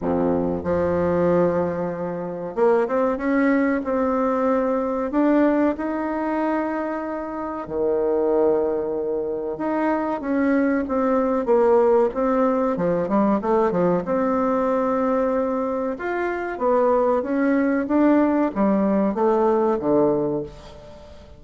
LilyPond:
\new Staff \with { instrumentName = "bassoon" } { \time 4/4 \tempo 4 = 94 f,4 f2. | ais8 c'8 cis'4 c'2 | d'4 dis'2. | dis2. dis'4 |
cis'4 c'4 ais4 c'4 | f8 g8 a8 f8 c'2~ | c'4 f'4 b4 cis'4 | d'4 g4 a4 d4 | }